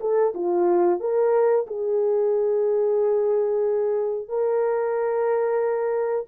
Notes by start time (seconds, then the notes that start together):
0.00 A4
0.34 F4
1.00 A#4
1.67 G#4
4.28 A#4